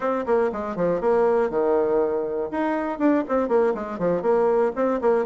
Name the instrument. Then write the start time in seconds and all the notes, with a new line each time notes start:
bassoon
0.00 C4
0.25 A#3
0.52 G#3
0.75 F3
1.00 A#3
1.50 D#3
2.51 D#4
2.98 D4
3.28 C4
3.48 A#3
3.74 G#3
3.98 F3
4.22 A#3
4.75 C4
5.01 A#3